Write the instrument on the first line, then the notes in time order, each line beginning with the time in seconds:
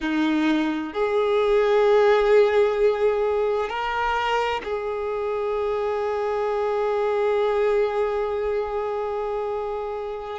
violin
0.00 D#4
0.93 G#4
3.69 A#4
4.64 G#4